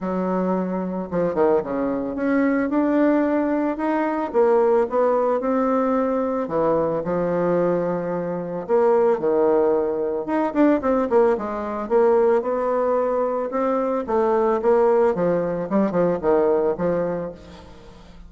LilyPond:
\new Staff \with { instrumentName = "bassoon" } { \time 4/4 \tempo 4 = 111 fis2 f8 dis8 cis4 | cis'4 d'2 dis'4 | ais4 b4 c'2 | e4 f2. |
ais4 dis2 dis'8 d'8 | c'8 ais8 gis4 ais4 b4~ | b4 c'4 a4 ais4 | f4 g8 f8 dis4 f4 | }